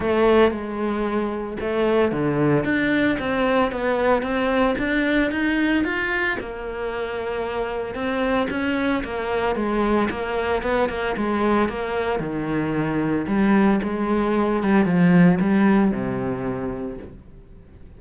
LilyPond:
\new Staff \with { instrumentName = "cello" } { \time 4/4 \tempo 4 = 113 a4 gis2 a4 | d4 d'4 c'4 b4 | c'4 d'4 dis'4 f'4 | ais2. c'4 |
cis'4 ais4 gis4 ais4 | b8 ais8 gis4 ais4 dis4~ | dis4 g4 gis4. g8 | f4 g4 c2 | }